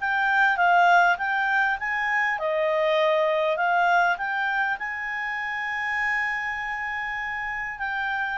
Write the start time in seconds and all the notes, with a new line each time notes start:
0.00 G5
0.56 F5
1.18 G5
1.79 G#5
2.39 D#5
3.56 F5
4.18 G5
4.78 G#5
7.78 G5